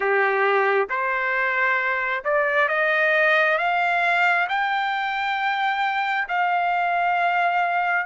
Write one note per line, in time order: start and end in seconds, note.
0.00 0.87 G4
0.90 2.24 C5
2.24 2.68 D5
2.68 3.58 D#5
3.58 4.47 F5
4.48 6.27 G5
6.28 8.06 F5